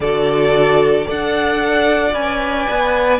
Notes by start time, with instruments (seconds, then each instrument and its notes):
0.00 cello D3, viola F#4, violin A4 D5
1.04 cello D4, viola A4, violin D5 F#5
2.12 cello C#4, viola B4, violin G#5
2.70 cello B3